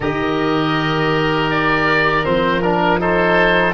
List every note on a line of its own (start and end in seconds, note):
0.00 2.23 D#3
0.00 2.24 G4
0.00 3.00 A#4
0.00 1.50 D#5
1.50 2.25 D5
2.24 3.73 F3
2.24 2.61 C4
2.24 2.61 C5
2.61 2.99 D4
2.61 2.99 A#4
2.99 3.73 D#4
2.99 3.73 A4
2.99 3.73 C5